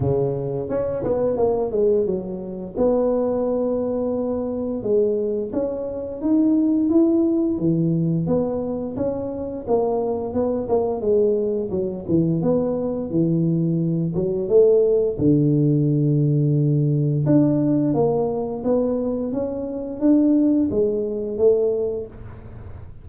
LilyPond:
\new Staff \with { instrumentName = "tuba" } { \time 4/4 \tempo 4 = 87 cis4 cis'8 b8 ais8 gis8 fis4 | b2. gis4 | cis'4 dis'4 e'4 e4 | b4 cis'4 ais4 b8 ais8 |
gis4 fis8 e8 b4 e4~ | e8 fis8 a4 d2~ | d4 d'4 ais4 b4 | cis'4 d'4 gis4 a4 | }